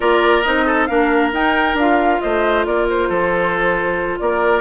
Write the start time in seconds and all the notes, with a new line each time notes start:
0.00 A#3 F4 A#4 D5
0.43 C4 D#4 D#5
0.65 A4
0.86 A#3 D4 A#4 F5
1.32 D#4 G5
1.74 D4 F4 F5
2.21 A3 C5 D#5
2.65 A#3 A#4 D5
2.89 C5
3.08 F3 A4
4.19 A#3 A#4 D5